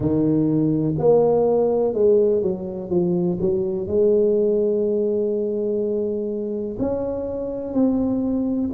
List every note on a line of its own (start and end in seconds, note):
0.00 0.95 D#3
0.98 1.93 A#3
1.93 2.41 G#3
2.41 2.89 F#3
2.89 3.38 F3
3.40 3.87 F#3
3.87 6.77 G#3
6.79 7.73 C#4
7.73 8.70 C4